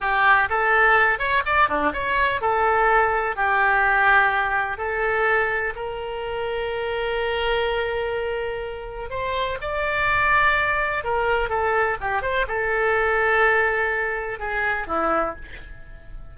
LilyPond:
\new Staff \with { instrumentName = "oboe" } { \time 4/4 \tempo 4 = 125 g'4 a'4. cis''8 d''8 d'8 | cis''4 a'2 g'4~ | g'2 a'2 | ais'1~ |
ais'2. c''4 | d''2. ais'4 | a'4 g'8 c''8 a'2~ | a'2 gis'4 e'4 | }